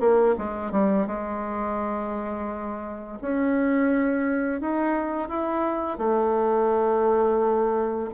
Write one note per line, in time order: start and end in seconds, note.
0.00 0.35 A#3
0.38 0.72 G#3
0.72 1.07 G3
1.07 3.19 G#3
3.22 4.61 C#4
4.61 5.29 D#4
5.29 5.98 E4
5.98 8.10 A3